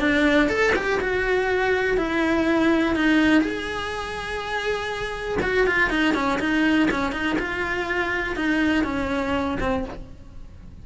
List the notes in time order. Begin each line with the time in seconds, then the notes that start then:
0.00 D4
0.49 A4
0.76 G4
1.01 F#4
1.98 E4
2.96 D#4
3.42 G#4
5.43 F#4
5.67 F4
5.90 D#4
6.15 C#4
6.40 D#4
6.91 C#4
7.12 D#4
7.39 F4
8.36 D#4
8.85 C#4
9.60 C4